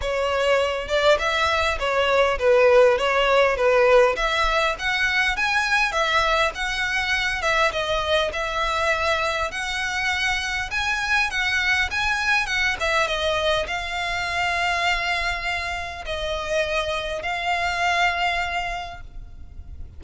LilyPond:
\new Staff \with { instrumentName = "violin" } { \time 4/4 \tempo 4 = 101 cis''4. d''8 e''4 cis''4 | b'4 cis''4 b'4 e''4 | fis''4 gis''4 e''4 fis''4~ | fis''8 e''8 dis''4 e''2 |
fis''2 gis''4 fis''4 | gis''4 fis''8 e''8 dis''4 f''4~ | f''2. dis''4~ | dis''4 f''2. | }